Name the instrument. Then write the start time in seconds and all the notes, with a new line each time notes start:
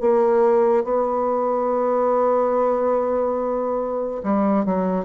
bassoon
0.00 A#3
0.84 B3
4.23 G3
4.65 F#3